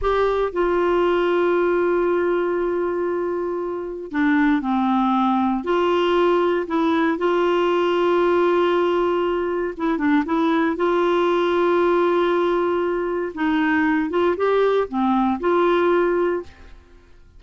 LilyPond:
\new Staff \with { instrumentName = "clarinet" } { \time 4/4 \tempo 4 = 117 g'4 f'2.~ | f'1 | d'4 c'2 f'4~ | f'4 e'4 f'2~ |
f'2. e'8 d'8 | e'4 f'2.~ | f'2 dis'4. f'8 | g'4 c'4 f'2 | }